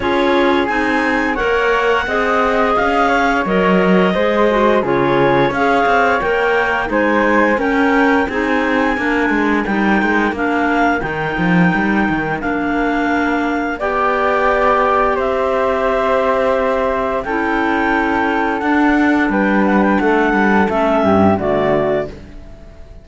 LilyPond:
<<
  \new Staff \with { instrumentName = "clarinet" } { \time 4/4 \tempo 4 = 87 cis''4 gis''4 fis''2 | f''4 dis''2 cis''4 | f''4 g''4 gis''4 g''4 | gis''2 g''4 f''4 |
g''2 f''2 | g''2 e''2~ | e''4 g''2 fis''4 | g''8 fis''16 g''16 fis''4 e''4 d''4 | }
  \new Staff \with { instrumentName = "flute" } { \time 4/4 gis'2 cis''4 dis''4~ | dis''8 cis''4. c''4 gis'4 | cis''2 c''4 ais'4 | gis'4 ais'2.~ |
ais'1 | d''2 c''2~ | c''4 a'2. | b'4 a'4. g'8 fis'4 | }
  \new Staff \with { instrumentName = "clarinet" } { \time 4/4 f'4 dis'4 ais'4 gis'4~ | gis'4 ais'4 gis'8 fis'8 f'4 | gis'4 ais'4 dis'4 cis'4 | dis'4 d'4 dis'4 d'4 |
dis'2 d'2 | g'1~ | g'4 e'2 d'4~ | d'2 cis'4 a4 | }
  \new Staff \with { instrumentName = "cello" } { \time 4/4 cis'4 c'4 ais4 c'4 | cis'4 fis4 gis4 cis4 | cis'8 c'8 ais4 gis4 cis'4 | c'4 ais8 gis8 g8 gis8 ais4 |
dis8 f8 g8 dis8 ais2 | b2 c'2~ | c'4 cis'2 d'4 | g4 a8 g8 a8 g,8 d4 | }
>>